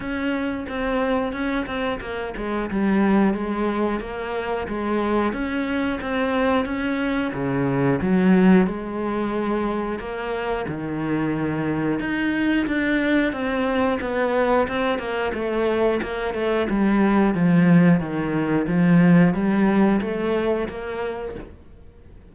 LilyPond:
\new Staff \with { instrumentName = "cello" } { \time 4/4 \tempo 4 = 90 cis'4 c'4 cis'8 c'8 ais8 gis8 | g4 gis4 ais4 gis4 | cis'4 c'4 cis'4 cis4 | fis4 gis2 ais4 |
dis2 dis'4 d'4 | c'4 b4 c'8 ais8 a4 | ais8 a8 g4 f4 dis4 | f4 g4 a4 ais4 | }